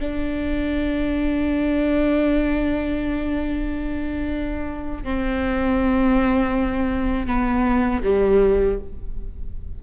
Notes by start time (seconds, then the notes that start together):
0.00 D4
5.04 C4
7.27 B3
8.04 G3